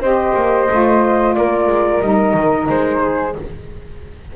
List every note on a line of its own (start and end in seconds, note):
0.00 0.33 C4
0.00 0.69 G4
0.00 1.35 C5
0.00 1.35 D#5
0.36 0.69 A#3
0.69 1.37 A3
0.69 2.02 F4
1.35 1.67 A#3
1.35 3.02 A#4
1.35 2.01 D5
1.67 2.00 G#3
2.01 2.34 G3
2.01 3.36 D#4
2.01 2.68 D#5
2.34 2.67 D#3
2.69 3.35 G#3
2.69 3.36 C5
3.02 3.35 G#4